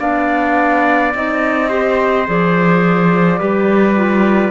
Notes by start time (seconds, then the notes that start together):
0.00 B3 D4 D5 F5
1.15 C4 D#4 D#5
1.69 G4 C5
2.27 F3 G#4 D5
3.40 G3 G4 B4
3.96 F4